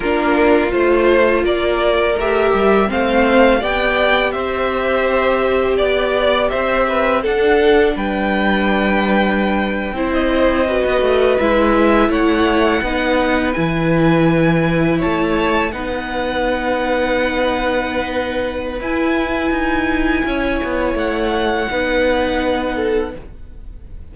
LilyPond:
<<
  \new Staff \with { instrumentName = "violin" } { \time 4/4 \tempo 4 = 83 ais'4 c''4 d''4 e''4 | f''4 g''4 e''2 | d''4 e''4 fis''4 g''4~ | g''2 dis''4.~ dis''16 e''16~ |
e''8. fis''2 gis''4~ gis''16~ | gis''8. a''4 fis''2~ fis''16~ | fis''2 gis''2~ | gis''4 fis''2. | }
  \new Staff \with { instrumentName = "violin" } { \time 4/4 f'2 ais'2 | c''4 d''4 c''2 | d''4 c''8 b'8 a'4 b'4~ | b'4.~ b'16 c''4 b'4~ b'16~ |
b'8. cis''4 b'2~ b'16~ | b'8. cis''4 b'2~ b'16~ | b'1 | cis''2 b'4. a'8 | }
  \new Staff \with { instrumentName = "viola" } { \time 4/4 d'4 f'2 g'4 | c'4 g'2.~ | g'2 d'2~ | d'4.~ d'16 e'4 fis'4 e'16~ |
e'4.~ e'16 dis'4 e'4~ e'16~ | e'4.~ e'16 dis'2~ dis'16~ | dis'2 e'2~ | e'2 dis'2 | }
  \new Staff \with { instrumentName = "cello" } { \time 4/4 ais4 a4 ais4 a8 g8 | a4 b4 c'2 | b4 c'4 d'4 g4~ | g4.~ g16 c'4~ c'16 b16 a8 gis16~ |
gis8. a4 b4 e4~ e16~ | e8. a4 b2~ b16~ | b2 e'4 dis'4 | cis'8 b8 a4 b2 | }
>>